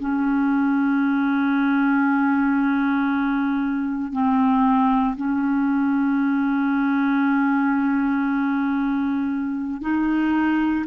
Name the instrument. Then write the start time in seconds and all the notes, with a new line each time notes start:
clarinet
0.00 C#4
4.12 C4
5.17 C#4
9.82 D#4